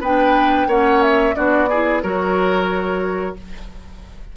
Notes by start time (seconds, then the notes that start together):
0.00 B3 D4 B4 G5
0.67 A#3 C#4 C#5 F#5
1.03 E5
1.35 B3 D4 F#4 D5
1.69 E4 G#4
2.02 F#3 F#4 A#4 C#5